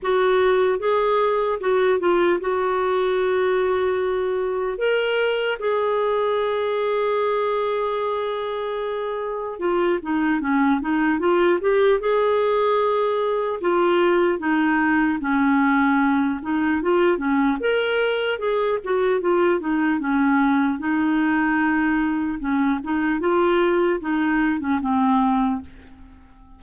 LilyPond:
\new Staff \with { instrumentName = "clarinet" } { \time 4/4 \tempo 4 = 75 fis'4 gis'4 fis'8 f'8 fis'4~ | fis'2 ais'4 gis'4~ | gis'1 | f'8 dis'8 cis'8 dis'8 f'8 g'8 gis'4~ |
gis'4 f'4 dis'4 cis'4~ | cis'8 dis'8 f'8 cis'8 ais'4 gis'8 fis'8 | f'8 dis'8 cis'4 dis'2 | cis'8 dis'8 f'4 dis'8. cis'16 c'4 | }